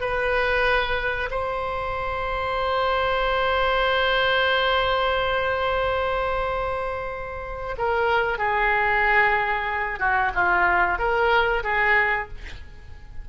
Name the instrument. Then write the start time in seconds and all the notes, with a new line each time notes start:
oboe
0.00 B4
1.30 C5
7.77 A#4
8.38 G#4
9.99 F#4
10.34 F4
10.98 A#4
11.63 G#4